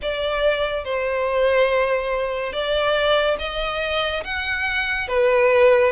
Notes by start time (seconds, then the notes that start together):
0.02 D5
0.84 C5
2.52 D5
3.38 D#5
4.24 F#5
5.07 B4